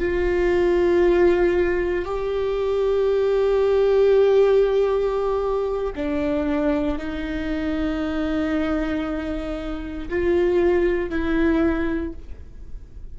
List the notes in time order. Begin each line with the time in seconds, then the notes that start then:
0.00 F4
2.05 G4
5.95 D4
6.99 D#4
10.09 F4
11.10 E4